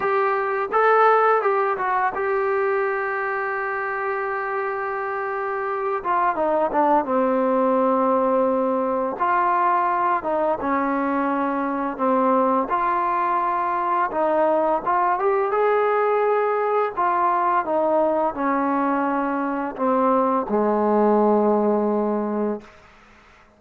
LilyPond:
\new Staff \with { instrumentName = "trombone" } { \time 4/4 \tempo 4 = 85 g'4 a'4 g'8 fis'8 g'4~ | g'1~ | g'8 f'8 dis'8 d'8 c'2~ | c'4 f'4. dis'8 cis'4~ |
cis'4 c'4 f'2 | dis'4 f'8 g'8 gis'2 | f'4 dis'4 cis'2 | c'4 gis2. | }